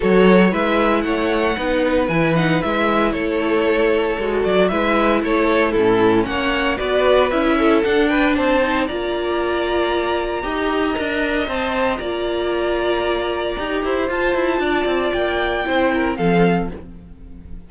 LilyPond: <<
  \new Staff \with { instrumentName = "violin" } { \time 4/4 \tempo 4 = 115 cis''4 e''4 fis''2 | gis''8 fis''8 e''4 cis''2~ | cis''8 d''8 e''4 cis''4 a'4 | fis''4 d''4 e''4 fis''8 g''8 |
a''4 ais''2.~ | ais''2 a''4 ais''4~ | ais''2. a''4~ | a''4 g''2 f''4 | }
  \new Staff \with { instrumentName = "violin" } { \time 4/4 a'4 b'4 cis''4 b'4~ | b'2 a'2~ | a'4 b'4 a'4 e'4 | cis''4 b'4. a'4 b'8 |
c''4 d''2. | dis''2. d''4~ | d''2~ d''8 c''4. | d''2 c''8 ais'8 a'4 | }
  \new Staff \with { instrumentName = "viola" } { \time 4/4 fis'4 e'2 dis'4 | e'8 dis'8 e'2. | fis'4 e'2 cis'4~ | cis'4 fis'4 e'4 d'4~ |
d'8 dis'8 f'2. | g'4 ais'4 c''4 f'4~ | f'2 g'4 f'4~ | f'2 e'4 c'4 | }
  \new Staff \with { instrumentName = "cello" } { \time 4/4 fis4 gis4 a4 b4 | e4 gis4 a2 | gis8 fis8 gis4 a4 a,4 | ais4 b4 cis'4 d'4 |
c'4 ais2. | dis'4 d'4 c'4 ais4~ | ais2 dis'8 e'8 f'8 e'8 | d'8 c'8 ais4 c'4 f4 | }
>>